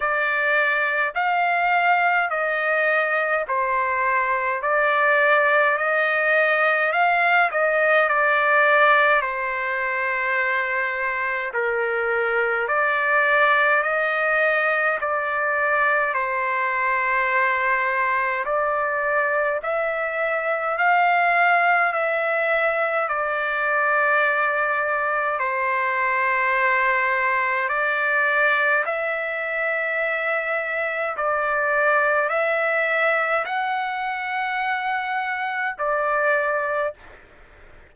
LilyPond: \new Staff \with { instrumentName = "trumpet" } { \time 4/4 \tempo 4 = 52 d''4 f''4 dis''4 c''4 | d''4 dis''4 f''8 dis''8 d''4 | c''2 ais'4 d''4 | dis''4 d''4 c''2 |
d''4 e''4 f''4 e''4 | d''2 c''2 | d''4 e''2 d''4 | e''4 fis''2 d''4 | }